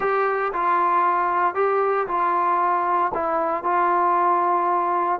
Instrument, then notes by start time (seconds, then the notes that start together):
trombone
0.00 G4
0.53 F4
1.54 G4
2.07 F4
3.14 E4
3.63 F4